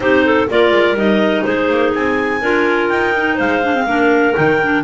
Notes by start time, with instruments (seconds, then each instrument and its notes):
0.00 double bass C4, clarinet D#4 G4 C5
0.25 clarinet A4
0.48 double bass A#3, clarinet F4 A#4 D5
0.70 double bass G#3
0.93 double bass G3, clarinet D#4 D#5
1.44 double bass G#3, clarinet G#4 C5
1.69 double bass A#3
1.94 double bass C4, clarinet G#5
2.41 double bass D4, clarinet F4 A#4
2.88 double bass D#4, clarinet G5
3.15 clarinet D#4
3.34 double bass G#3, clarinet C5 F5
3.63 clarinet D4
3.74 clarinet C4
3.86 double bass A#3, clarinet D4 A#4
4.34 double bass D#3, clarinet D#4 G5
4.63 clarinet D4